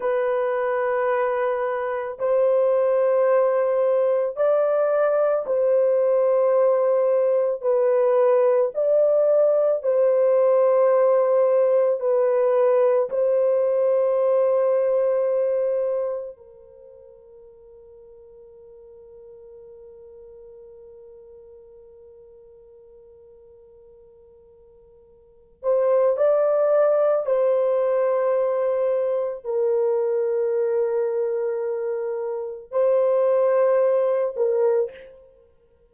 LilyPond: \new Staff \with { instrumentName = "horn" } { \time 4/4 \tempo 4 = 55 b'2 c''2 | d''4 c''2 b'4 | d''4 c''2 b'4 | c''2. ais'4~ |
ais'1~ | ais'2.~ ais'8 c''8 | d''4 c''2 ais'4~ | ais'2 c''4. ais'8 | }